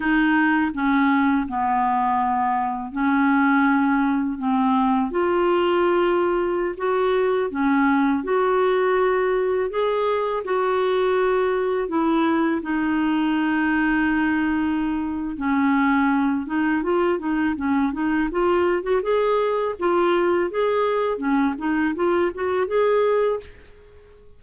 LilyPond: \new Staff \with { instrumentName = "clarinet" } { \time 4/4 \tempo 4 = 82 dis'4 cis'4 b2 | cis'2 c'4 f'4~ | f'4~ f'16 fis'4 cis'4 fis'8.~ | fis'4~ fis'16 gis'4 fis'4.~ fis'16~ |
fis'16 e'4 dis'2~ dis'8.~ | dis'4 cis'4. dis'8 f'8 dis'8 | cis'8 dis'8 f'8. fis'16 gis'4 f'4 | gis'4 cis'8 dis'8 f'8 fis'8 gis'4 | }